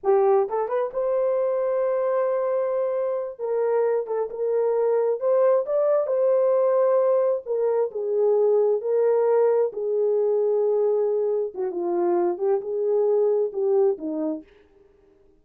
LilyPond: \new Staff \with { instrumentName = "horn" } { \time 4/4 \tempo 4 = 133 g'4 a'8 b'8 c''2~ | c''2.~ c''8 ais'8~ | ais'4 a'8 ais'2 c''8~ | c''8 d''4 c''2~ c''8~ |
c''8 ais'4 gis'2 ais'8~ | ais'4. gis'2~ gis'8~ | gis'4. fis'8 f'4. g'8 | gis'2 g'4 dis'4 | }